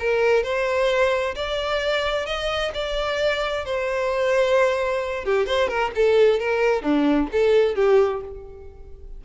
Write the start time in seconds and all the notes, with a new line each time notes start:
0.00 A#4
0.44 C5
1.36 D5
2.26 D#5
2.74 D5
3.66 C5
5.25 G4
5.46 C5
5.69 A#4
5.96 A4
6.40 A#4
6.83 D4
7.32 A4
7.76 G4